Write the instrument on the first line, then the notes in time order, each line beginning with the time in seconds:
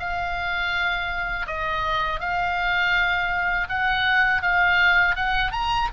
oboe
0.00 F5
1.47 D#5
2.20 F5
3.69 F#5
4.42 F5
5.16 F#5
5.52 A#5